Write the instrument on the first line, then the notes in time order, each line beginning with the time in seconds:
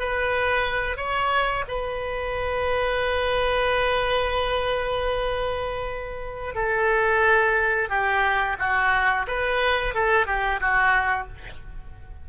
oboe
0.00 B4
0.97 C#5
1.68 B4
6.55 A4
7.90 G4
8.59 F#4
9.28 B4
9.95 A4
10.27 G4
10.61 F#4